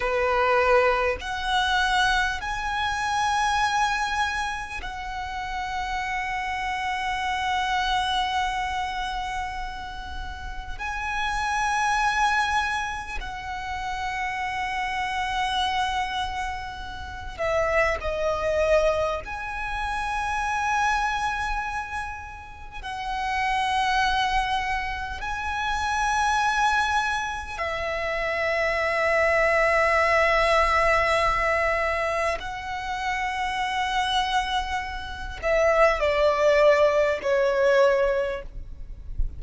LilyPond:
\new Staff \with { instrumentName = "violin" } { \time 4/4 \tempo 4 = 50 b'4 fis''4 gis''2 | fis''1~ | fis''4 gis''2 fis''4~ | fis''2~ fis''8 e''8 dis''4 |
gis''2. fis''4~ | fis''4 gis''2 e''4~ | e''2. fis''4~ | fis''4. e''8 d''4 cis''4 | }